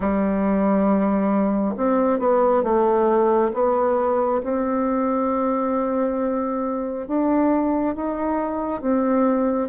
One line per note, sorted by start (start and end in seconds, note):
0.00 1.74 G3
1.76 2.19 C4
2.19 2.63 B3
2.63 3.51 A3
3.53 4.41 B3
4.43 7.07 C4
7.07 7.95 D4
7.95 8.81 D#4
8.81 9.69 C4